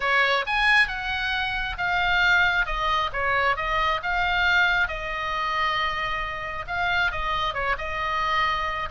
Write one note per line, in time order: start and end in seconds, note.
0.00 0.45 C#5
0.46 0.87 G#5
0.87 1.76 F#5
1.77 2.66 F5
2.66 3.10 D#5
3.12 3.56 C#5
3.56 4.00 D#5
4.02 4.88 F5
4.88 6.65 D#5
6.67 7.11 F5
7.11 7.53 D#5
7.53 7.76 C#5
7.78 8.89 D#5